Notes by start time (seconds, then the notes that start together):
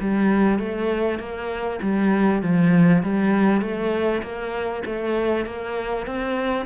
0.00 G3
0.58 A3
1.19 A#3
1.82 G3
2.42 F3
3.02 G3
3.61 A3
4.22 A#3
4.85 A3
5.45 A#3
6.06 C4